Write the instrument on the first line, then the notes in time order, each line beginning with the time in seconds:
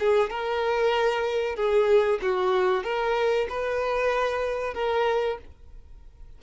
violin
0.00 G#4
0.30 A#4
1.56 G#4
2.22 F#4
2.84 A#4
3.49 B4
4.74 A#4